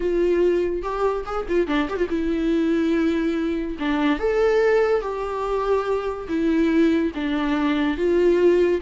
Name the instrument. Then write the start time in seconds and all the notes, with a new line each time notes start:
viola
0.00 F4
0.82 G4
1.25 G#4
1.48 F4
1.67 D4
1.89 G4
1.96 F4
2.09 E4
3.79 D4
4.19 A4
5.01 G4
6.28 E4
7.14 D4
7.97 F4